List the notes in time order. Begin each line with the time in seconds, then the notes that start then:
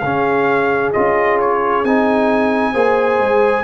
0.00 C#3 C#4 G#4 F5
0.93 C#4 F4 D#5
1.40 C#5
1.85 C4 D#4 G#5
2.73 A#3 G#4 C5
3.20 G#3